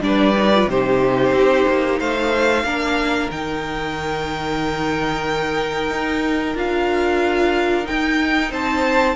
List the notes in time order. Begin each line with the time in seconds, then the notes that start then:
0.00 G3 D4 B4 D5
0.36 D#4
0.54 F4
0.66 C3 D#4 G4 C5
1.31 C4
1.68 A#3
1.99 A3 C5 F5
2.63 A#3 D4 A#4
3.31 D#3 D#4 G5
5.90 D#4
6.55 D4 F4 F5
7.84 D#4 G5
8.50 C4 C5 A5